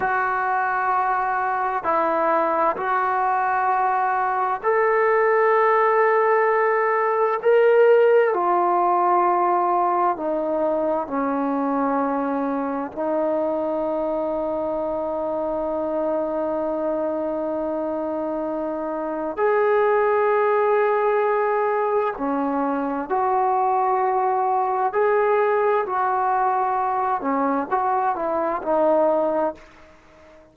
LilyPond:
\new Staff \with { instrumentName = "trombone" } { \time 4/4 \tempo 4 = 65 fis'2 e'4 fis'4~ | fis'4 a'2. | ais'4 f'2 dis'4 | cis'2 dis'2~ |
dis'1~ | dis'4 gis'2. | cis'4 fis'2 gis'4 | fis'4. cis'8 fis'8 e'8 dis'4 | }